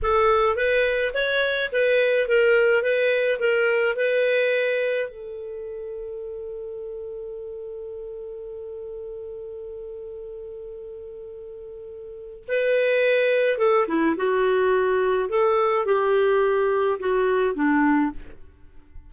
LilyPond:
\new Staff \with { instrumentName = "clarinet" } { \time 4/4 \tempo 4 = 106 a'4 b'4 cis''4 b'4 | ais'4 b'4 ais'4 b'4~ | b'4 a'2.~ | a'1~ |
a'1~ | a'2 b'2 | a'8 e'8 fis'2 a'4 | g'2 fis'4 d'4 | }